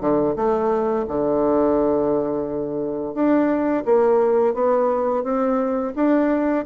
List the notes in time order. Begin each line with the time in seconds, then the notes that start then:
0.00 D3
0.36 A3
1.08 D3
3.14 D4
3.85 A#3
4.53 B3
5.23 C4
5.95 D4